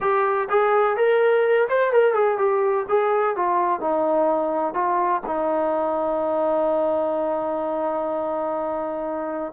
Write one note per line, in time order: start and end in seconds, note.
0.00 0.48 G4
0.49 0.96 G#4
0.96 1.68 A#4
1.68 1.92 C5
1.92 2.14 A#4
2.14 2.38 G#4
2.38 2.85 G4
2.88 3.35 G#4
3.35 3.80 F4
3.80 4.74 D#4
4.74 5.21 F4
5.26 9.52 D#4